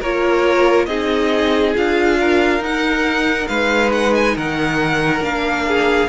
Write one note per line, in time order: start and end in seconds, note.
0.00 0.87 A#3
0.00 0.89 F4
0.00 0.87 A#4
0.00 0.86 C#5
0.86 1.74 C4
0.86 1.74 D#4
0.86 2.18 G#4
0.86 1.73 D#5
1.74 2.60 D4
1.74 2.61 F4
1.74 2.63 F5
2.20 3.49 A#4
2.60 3.47 D#4
2.60 5.21 D#4
2.60 3.47 F#5
3.47 4.36 G#3
3.47 4.35 B4
3.47 3.91 F5
3.92 4.14 F#5
4.14 4.36 G#5
4.35 5.21 D#3
4.35 5.66 A#4
4.35 5.24 F#5
5.21 6.08 A#3
5.21 6.08 D4
5.21 6.09 F5
5.68 6.09 G#4